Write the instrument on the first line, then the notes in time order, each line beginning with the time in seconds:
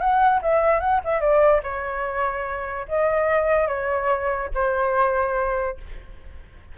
flute
0.00 F#5
0.42 E5
0.80 F#5
1.04 E5
1.20 D5
1.63 C#5
2.88 D#5
3.68 C#5
4.54 C5